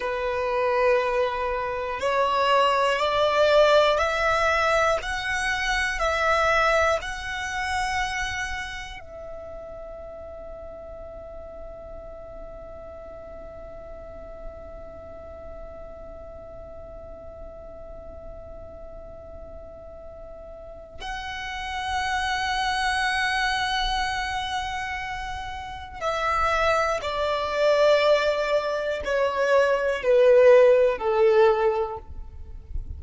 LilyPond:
\new Staff \with { instrumentName = "violin" } { \time 4/4 \tempo 4 = 60 b'2 cis''4 d''4 | e''4 fis''4 e''4 fis''4~ | fis''4 e''2.~ | e''1~ |
e''1~ | e''4 fis''2.~ | fis''2 e''4 d''4~ | d''4 cis''4 b'4 a'4 | }